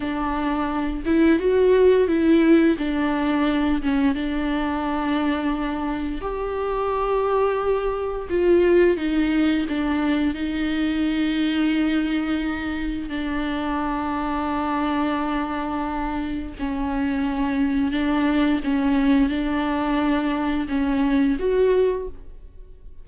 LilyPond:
\new Staff \with { instrumentName = "viola" } { \time 4/4 \tempo 4 = 87 d'4. e'8 fis'4 e'4 | d'4. cis'8 d'2~ | d'4 g'2. | f'4 dis'4 d'4 dis'4~ |
dis'2. d'4~ | d'1 | cis'2 d'4 cis'4 | d'2 cis'4 fis'4 | }